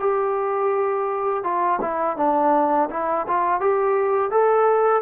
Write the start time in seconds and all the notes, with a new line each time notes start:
0.00 G4
1.44 F4
1.82 E4
2.17 D4
2.90 E4
3.28 F4
3.61 G4
4.31 A4